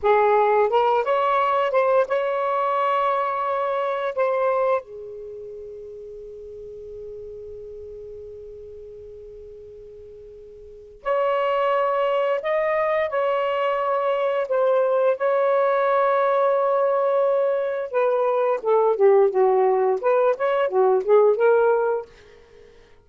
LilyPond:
\new Staff \with { instrumentName = "saxophone" } { \time 4/4 \tempo 4 = 87 gis'4 ais'8 cis''4 c''8 cis''4~ | cis''2 c''4 gis'4~ | gis'1~ | gis'1 |
cis''2 dis''4 cis''4~ | cis''4 c''4 cis''2~ | cis''2 b'4 a'8 g'8 | fis'4 b'8 cis''8 fis'8 gis'8 ais'4 | }